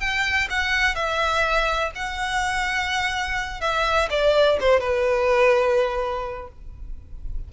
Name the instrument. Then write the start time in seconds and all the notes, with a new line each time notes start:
violin
0.00 G5
0.50 F#5
0.95 E5
1.95 F#5
3.61 E5
4.10 D5
4.60 C5
4.80 B4